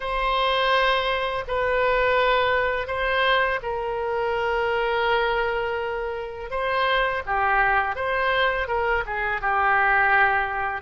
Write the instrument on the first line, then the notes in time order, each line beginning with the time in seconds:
oboe
0.00 C5
1.47 B4
2.87 C5
3.62 A#4
6.50 C5
7.26 G4
7.95 C5
8.67 A#4
9.05 G#4
9.41 G4